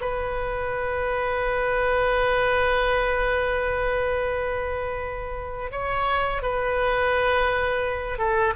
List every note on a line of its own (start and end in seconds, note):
0.00 5.71 B4
5.71 6.42 C#5
6.42 8.18 B4
8.18 8.54 A4